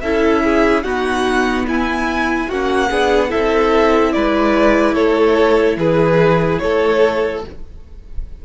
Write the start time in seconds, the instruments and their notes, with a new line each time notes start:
0.00 cello C#4, viola E4, violin A4 E5
0.43 violin G#4
0.83 viola B3, cello D#4, violin F#4 F#5
1.67 cello E4, violin E4 G#5
2.47 cello A#3, viola C#4, violin F#4 F#5
2.90 cello B3, viola D4, violin G#4
3.29 cello C4, viola E4, violin A4 E5
4.12 cello G#3, violin B4 D5
4.94 cello A3, violin A4 C#5
5.76 cello E3, violin G#4 B4
6.58 cello A3, violin A4 C#5